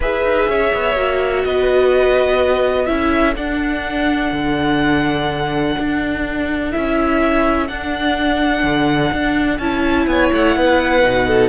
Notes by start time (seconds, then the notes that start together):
0.00 E4 G#4 B4 E5
0.23 D#4
0.48 C#4 C#5
0.74 B3
0.95 A#3 F#4
1.44 B3 B4 D#5
2.86 C#4 E4 A4 E5
3.35 D4 F#5
4.32 D3
5.78 D4
6.71 C#4 E4 E5
7.67 D4 F#5
8.63 D3
9.12 D4
9.58 C#4 E4 A5
10.06 B3 C#5 G#5
10.32 A3 F#5
10.55 B3 B4
11.02 B2 D#4
11.27 A4